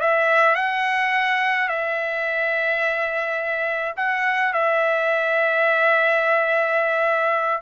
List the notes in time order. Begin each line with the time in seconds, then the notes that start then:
0.00 E5
0.55 F#5
1.68 E5
3.96 F#5
4.53 E5